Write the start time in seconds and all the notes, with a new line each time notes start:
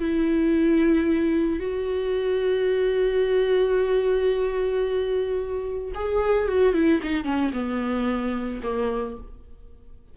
0.00 E4
1.59 F#4
5.95 G#4
6.49 F#4
6.74 E4
7.03 D#4
7.25 C#4
7.53 B3
8.63 A#3